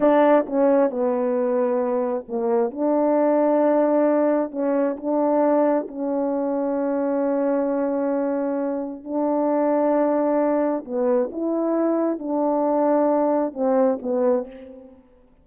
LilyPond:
\new Staff \with { instrumentName = "horn" } { \time 4/4 \tempo 4 = 133 d'4 cis'4 b2~ | b4 ais4 d'2~ | d'2 cis'4 d'4~ | d'4 cis'2.~ |
cis'1 | d'1 | b4 e'2 d'4~ | d'2 c'4 b4 | }